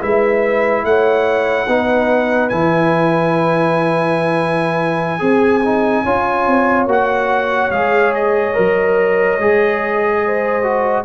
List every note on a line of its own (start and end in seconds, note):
0.00 0.84 G#3
0.00 1.67 E4
0.00 0.84 B4
0.00 0.85 E5
0.84 1.68 A3
0.84 1.67 C#5
0.84 2.49 F#5
1.67 2.51 B3
1.67 2.51 D#4
1.67 5.22 B4
2.49 5.21 E3
2.49 5.19 E4
2.49 6.87 G#5
5.19 6.05 C4
5.19 5.61 G#4
5.19 6.03 G#4
5.65 6.06 D#4
6.03 6.47 C#4
6.03 6.89 F4
6.03 10.20 C#5
6.47 6.87 C4
6.87 7.70 A#3
6.87 7.72 F#4
6.87 7.71 F#5
7.71 8.55 G#3
7.71 8.55 G#4
7.71 8.13 F5
8.15 11.05 D#5
8.55 9.38 F#3
8.55 9.38 A#4
9.38 11.05 G#3
9.38 10.63 G#4
10.26 11.05 C5
10.63 11.05 F#4